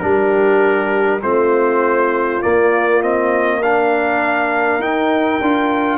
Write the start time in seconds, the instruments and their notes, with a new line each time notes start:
0.00 tuba G3, trombone D4, horn G4, trumpet A#4
1.22 tuba A3, trombone C4, horn F4, trumpet C5
2.42 trombone A#3, tuba A#3, trumpet D5
3.02 trombone C4, trumpet D#5
3.59 trombone D4, horn A#4, trumpet F5
4.79 tuba D#4, trombone D#4, trumpet G5
5.42 tuba D4, trombone F4